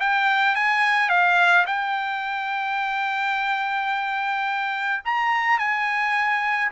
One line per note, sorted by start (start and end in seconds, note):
0.00 0.55 G5
0.55 1.09 G#5
1.09 1.65 F5
1.66 5.03 G5
5.05 5.59 A#5
5.59 6.71 G#5